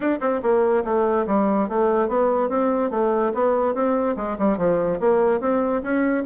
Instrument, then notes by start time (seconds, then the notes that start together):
bassoon
0.00 D4
0.20 C4
0.42 A#3
0.84 A3
1.27 G3
1.69 A3
2.08 B3
2.49 C4
2.90 A3
3.34 B3
3.74 C4
4.16 G#3
4.38 G3
4.57 F3
5.00 A#3
5.40 C4
5.82 C#4